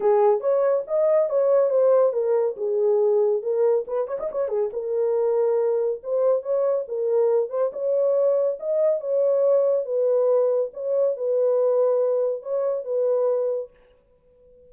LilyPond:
\new Staff \with { instrumentName = "horn" } { \time 4/4 \tempo 4 = 140 gis'4 cis''4 dis''4 cis''4 | c''4 ais'4 gis'2 | ais'4 b'8 cis''16 dis''16 cis''8 gis'8 ais'4~ | ais'2 c''4 cis''4 |
ais'4. c''8 cis''2 | dis''4 cis''2 b'4~ | b'4 cis''4 b'2~ | b'4 cis''4 b'2 | }